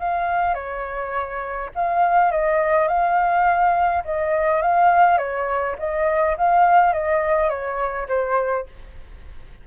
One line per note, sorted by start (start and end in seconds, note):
0.00 0.55 F5
0.55 1.70 C#5
1.75 2.32 F5
2.32 2.88 D#5
2.88 4.04 F5
4.05 4.62 D#5
4.62 5.18 F5
5.18 5.76 C#5
5.79 6.37 D#5
6.38 6.93 F5
6.93 7.50 D#5
7.50 8.08 C#5
8.09 8.66 C5